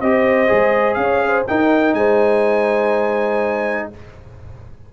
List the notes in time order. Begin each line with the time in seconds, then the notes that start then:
0.00 C4 G4 C5 D#5
0.47 G#3 G#4
0.94 C#4 F5
1.01 C#5
1.26 C5
1.47 D#4 A#4 G5
1.93 G#3 C5 G#5